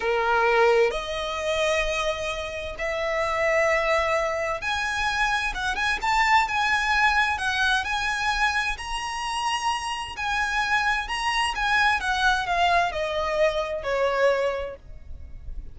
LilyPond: \new Staff \with { instrumentName = "violin" } { \time 4/4 \tempo 4 = 130 ais'2 dis''2~ | dis''2 e''2~ | e''2 gis''2 | fis''8 gis''8 a''4 gis''2 |
fis''4 gis''2 ais''4~ | ais''2 gis''2 | ais''4 gis''4 fis''4 f''4 | dis''2 cis''2 | }